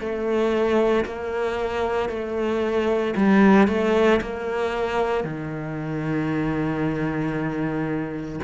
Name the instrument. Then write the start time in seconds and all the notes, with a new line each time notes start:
cello
0.00 A3
1.06 A#3
2.10 A3
3.17 G3
3.68 A3
4.22 A#3
5.24 D#3